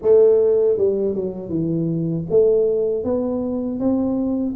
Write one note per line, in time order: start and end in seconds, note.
0.02 0.77 A3
0.77 1.15 G3
1.15 1.49 F#3
1.49 2.25 E3
2.30 3.04 A3
3.04 3.79 B3
3.79 4.55 C4